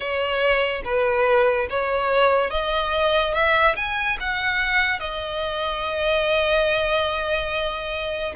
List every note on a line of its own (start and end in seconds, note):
0.00 0.82 C#5
0.84 1.67 B4
1.69 2.50 C#5
2.50 3.33 D#5
3.34 3.75 E5
3.76 4.17 G#5
4.20 4.99 F#5
4.99 8.33 D#5